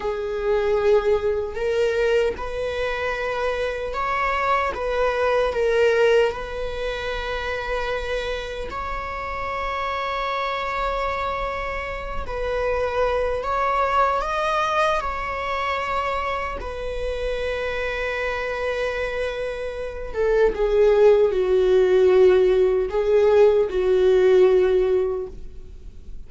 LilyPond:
\new Staff \with { instrumentName = "viola" } { \time 4/4 \tempo 4 = 76 gis'2 ais'4 b'4~ | b'4 cis''4 b'4 ais'4 | b'2. cis''4~ | cis''2.~ cis''8 b'8~ |
b'4 cis''4 dis''4 cis''4~ | cis''4 b'2.~ | b'4. a'8 gis'4 fis'4~ | fis'4 gis'4 fis'2 | }